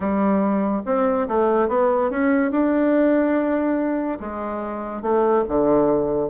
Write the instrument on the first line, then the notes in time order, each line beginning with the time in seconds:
bassoon
0.00 G3
0.85 C4
1.28 A3
1.68 B3
2.10 C#4
2.51 D4
4.20 G#3
5.02 A3
5.48 D3